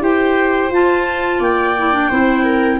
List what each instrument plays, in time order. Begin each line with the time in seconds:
0.00 tuba E4, clarinet G4 G5, viola C5
0.70 tuba F4, clarinet F4 A5
1.39 tuba A#3, viola D5, clarinet G5
1.77 clarinet E4
1.93 clarinet D4
2.09 tuba C4, clarinet E4, viola C5
2.43 viola A#4